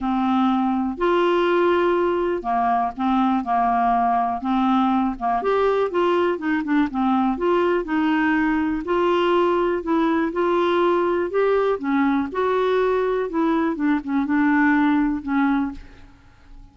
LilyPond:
\new Staff \with { instrumentName = "clarinet" } { \time 4/4 \tempo 4 = 122 c'2 f'2~ | f'4 ais4 c'4 ais4~ | ais4 c'4. ais8 g'4 | f'4 dis'8 d'8 c'4 f'4 |
dis'2 f'2 | e'4 f'2 g'4 | cis'4 fis'2 e'4 | d'8 cis'8 d'2 cis'4 | }